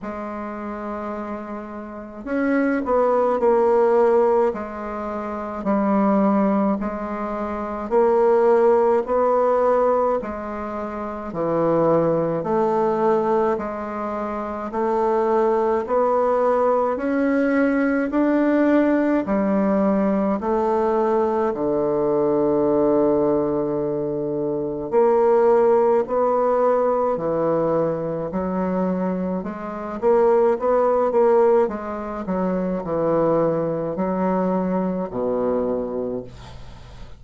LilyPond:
\new Staff \with { instrumentName = "bassoon" } { \time 4/4 \tempo 4 = 53 gis2 cis'8 b8 ais4 | gis4 g4 gis4 ais4 | b4 gis4 e4 a4 | gis4 a4 b4 cis'4 |
d'4 g4 a4 d4~ | d2 ais4 b4 | e4 fis4 gis8 ais8 b8 ais8 | gis8 fis8 e4 fis4 b,4 | }